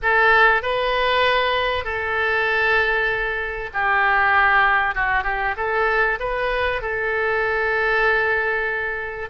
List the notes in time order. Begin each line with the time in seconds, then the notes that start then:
0.02 A4
0.62 B4
1.84 A4
3.73 G4
4.94 F#4
5.23 G4
5.56 A4
6.19 B4
6.81 A4